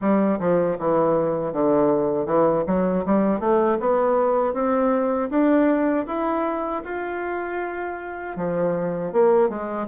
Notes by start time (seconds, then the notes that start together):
0.01 G3
0.39 F3
0.78 E3
1.52 D3
2.26 E3
2.66 F#3
3.05 G3
3.40 A3
3.79 B3
4.53 C4
5.30 D4
6.06 E4
6.84 F4
8.36 F3
9.12 A#3
9.49 G#3